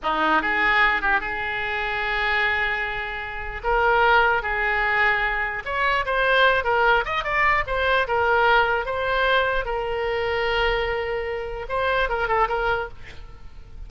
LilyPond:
\new Staff \with { instrumentName = "oboe" } { \time 4/4 \tempo 4 = 149 dis'4 gis'4. g'8 gis'4~ | gis'1~ | gis'4 ais'2 gis'4~ | gis'2 cis''4 c''4~ |
c''8 ais'4 dis''8 d''4 c''4 | ais'2 c''2 | ais'1~ | ais'4 c''4 ais'8 a'8 ais'4 | }